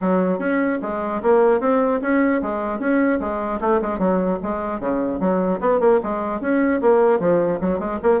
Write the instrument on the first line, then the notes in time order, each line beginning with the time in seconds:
bassoon
0.01 F#3
0.38 C#4
0.81 G#3
1.22 A#3
1.60 C4
2.01 C#4
2.41 G#3
2.79 C#4
3.19 G#3
3.60 A3
3.81 G#3
3.99 F#3
4.43 G#3
4.80 C#3
5.20 F#3
5.60 B3
5.79 A#3
6.03 G#3
6.41 C#4
6.81 A#3
7.19 F3
7.60 F#3
7.79 G#3
8.02 A#3